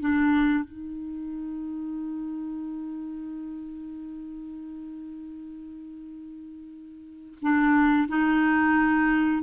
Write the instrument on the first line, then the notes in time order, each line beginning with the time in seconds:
clarinet
0.00 D4
0.64 D#4
7.42 D4
8.08 D#4